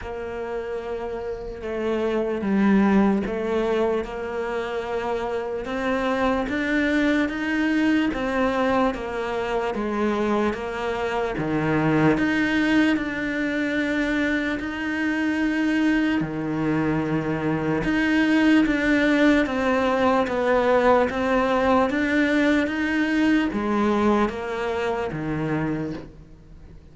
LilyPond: \new Staff \with { instrumentName = "cello" } { \time 4/4 \tempo 4 = 74 ais2 a4 g4 | a4 ais2 c'4 | d'4 dis'4 c'4 ais4 | gis4 ais4 dis4 dis'4 |
d'2 dis'2 | dis2 dis'4 d'4 | c'4 b4 c'4 d'4 | dis'4 gis4 ais4 dis4 | }